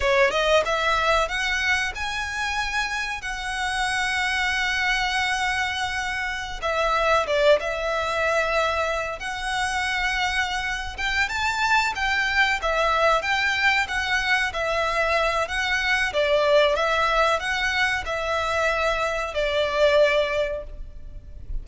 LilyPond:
\new Staff \with { instrumentName = "violin" } { \time 4/4 \tempo 4 = 93 cis''8 dis''8 e''4 fis''4 gis''4~ | gis''4 fis''2.~ | fis''2~ fis''16 e''4 d''8 e''16~ | e''2~ e''16 fis''4.~ fis''16~ |
fis''4 g''8 a''4 g''4 e''8~ | e''8 g''4 fis''4 e''4. | fis''4 d''4 e''4 fis''4 | e''2 d''2 | }